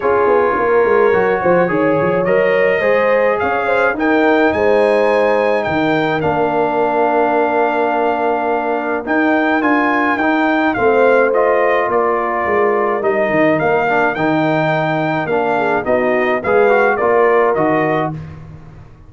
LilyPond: <<
  \new Staff \with { instrumentName = "trumpet" } { \time 4/4 \tempo 4 = 106 cis''1 | dis''2 f''4 g''4 | gis''2 g''4 f''4~ | f''1 |
g''4 gis''4 g''4 f''4 | dis''4 d''2 dis''4 | f''4 g''2 f''4 | dis''4 f''4 d''4 dis''4 | }
  \new Staff \with { instrumentName = "horn" } { \time 4/4 gis'4 ais'4. c''8 cis''4~ | cis''4 c''4 cis''8 c''8 ais'4 | c''2 ais'2~ | ais'1~ |
ais'2. c''4~ | c''4 ais'2.~ | ais'2.~ ais'8 gis'8 | fis'4 b'4 ais'2 | }
  \new Staff \with { instrumentName = "trombone" } { \time 4/4 f'2 fis'4 gis'4 | ais'4 gis'2 dis'4~ | dis'2. d'4~ | d'1 |
dis'4 f'4 dis'4 c'4 | f'2. dis'4~ | dis'8 d'8 dis'2 d'4 | dis'4 gis'8 fis'8 f'4 fis'4 | }
  \new Staff \with { instrumentName = "tuba" } { \time 4/4 cis'8 b8 ais8 gis8 fis8 f8 dis8 f8 | fis4 gis4 cis'4 dis'4 | gis2 dis4 ais4~ | ais1 |
dis'4 d'4 dis'4 a4~ | a4 ais4 gis4 g8 dis8 | ais4 dis2 ais4 | b4 gis4 ais4 dis4 | }
>>